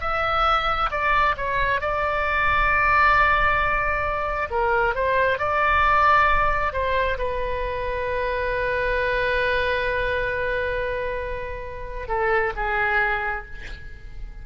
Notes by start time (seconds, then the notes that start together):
0.00 E5
0.90 D5
1.36 C#5
1.80 D5
4.50 A#4
4.94 C5
5.38 D5
6.72 C5
7.18 B4
12.07 A4
12.56 G#4